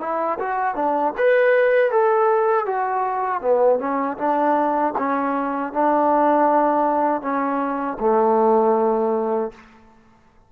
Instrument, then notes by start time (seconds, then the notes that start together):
trombone
0.00 E4
0.39 F#4
0.75 D4
1.17 B4
1.91 A4
2.65 F#4
3.41 B3
3.79 C#4
4.17 D4
4.97 C#4
5.73 D4
7.21 C#4
7.99 A3